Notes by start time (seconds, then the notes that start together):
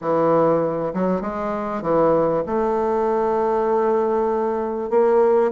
0.01 E3
0.93 F#3
1.21 G#3
1.81 E3
2.46 A3
4.90 A#3